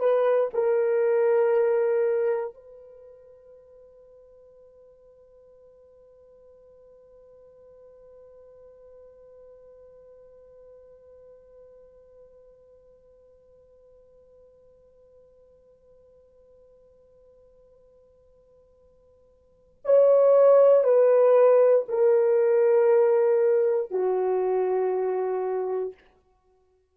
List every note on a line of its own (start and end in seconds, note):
0.00 0.51 B4
0.54 2.55 A#4
2.55 19.84 B4
19.85 20.84 C#5
20.84 21.86 B4
21.89 23.91 A#4
23.91 25.95 F#4